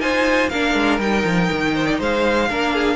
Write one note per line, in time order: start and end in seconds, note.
0.00 0.50 D#4
0.00 0.50 F4
0.00 0.50 C5
0.00 0.49 G#5
0.49 0.75 A#3
0.49 1.00 D4
0.49 1.74 A#4
0.49 0.99 F5
0.75 0.99 G#3
0.99 1.24 G3
0.99 2.49 D#4
0.99 2.01 G5
1.24 1.49 F3
1.52 2.00 D#3
1.75 1.86 C5
1.86 1.99 D5
1.99 2.50 G#3
1.99 2.49 C5
1.99 2.96 F5
2.50 2.96 A#3
2.50 2.96 D4
2.50 2.74 A#4
2.74 2.96 G#4